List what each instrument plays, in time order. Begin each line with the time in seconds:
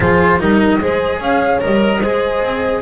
0.00 double bass F3, cello F4, horn G#4, flute C5
0.39 double bass G3, cello D#4, horn A#4, flute D#5
0.80 double bass G#3, cello G#4, horn C5
1.19 double bass C#4, horn C#5, flute F5
1.61 double bass G3, cello A#4, flute D#5
1.99 double bass G#3, cello G#4, horn C5
2.42 double bass C4